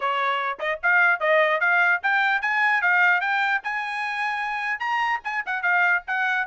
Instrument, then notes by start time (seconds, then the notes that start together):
trumpet
0.00 C#5
0.59 D#5
0.82 F5
1.20 D#5
1.60 F5
2.02 G5
2.41 G#5
2.81 F5
3.20 G5
3.63 G#5
4.79 A#5
5.24 G#5
5.46 F#5
5.62 F5
6.07 F#5